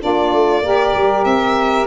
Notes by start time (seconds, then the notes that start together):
0.00 A#3 D4 F4 D5
0.32 A3
0.62 A#3 G4 A#4
0.94 G3
1.24 C4 E5